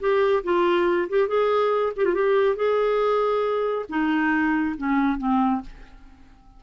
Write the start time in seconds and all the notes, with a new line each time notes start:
0.00 G4
0.44 F4
1.09 G4
1.28 G#4
1.97 G4
2.05 F4
2.15 G4
2.56 G#4
3.89 D#4
4.77 C#4
5.18 C4